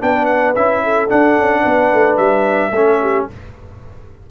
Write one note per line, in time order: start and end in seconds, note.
0.00 0.56 B3
0.00 0.55 D4
0.00 0.84 B4
0.00 0.26 G5
0.26 0.53 F#5
0.55 1.10 C#4
0.55 1.08 E4
0.55 1.10 E5
0.84 1.61 A4
1.08 2.72 D4
1.08 1.37 D4
1.08 2.17 F#5
1.37 1.65 C#4
1.61 1.93 B3
1.61 2.70 B4
1.93 2.18 A3
2.17 2.71 G3
2.17 3.26 E5
2.71 3.25 A3
2.71 3.30 C#4
2.71 3.00 A4
3.01 3.29 G4